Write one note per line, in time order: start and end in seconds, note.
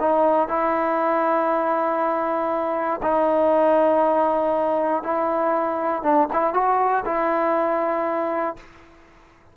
0.00 0.49 D#4
0.49 3.01 E4
3.02 5.03 D#4
5.03 6.03 E4
6.03 6.28 D4
6.33 6.53 E4
6.53 7.04 F#4
7.05 8.56 E4